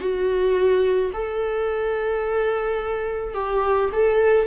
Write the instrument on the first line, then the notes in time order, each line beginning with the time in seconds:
viola
0.00 F#4
1.13 A4
3.34 G4
3.92 A4